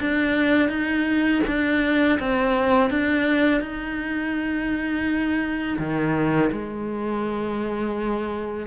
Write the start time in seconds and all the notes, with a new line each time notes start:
0.00 D4
0.69 D#4
1.47 D4
2.19 C4
2.90 D4
3.61 D#4
5.78 D#3
6.52 G#3